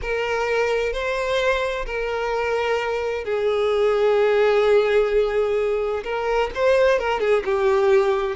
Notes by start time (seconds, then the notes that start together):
0.01 A#4
0.92 C5
1.85 A#4
3.24 G#4
6.03 A#4
6.54 C5
6.99 A#4
7.20 G#4
7.44 G4